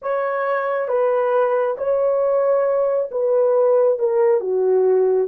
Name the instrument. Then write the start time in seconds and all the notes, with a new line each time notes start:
horn
0.02 C#5
0.88 B4
1.77 C#5
3.11 B4
3.99 A#4
4.40 F#4